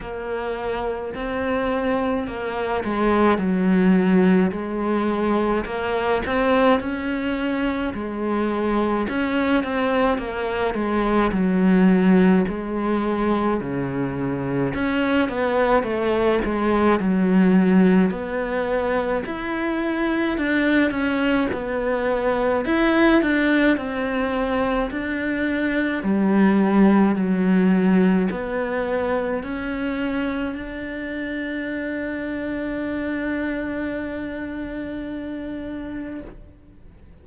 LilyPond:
\new Staff \with { instrumentName = "cello" } { \time 4/4 \tempo 4 = 53 ais4 c'4 ais8 gis8 fis4 | gis4 ais8 c'8 cis'4 gis4 | cis'8 c'8 ais8 gis8 fis4 gis4 | cis4 cis'8 b8 a8 gis8 fis4 |
b4 e'4 d'8 cis'8 b4 | e'8 d'8 c'4 d'4 g4 | fis4 b4 cis'4 d'4~ | d'1 | }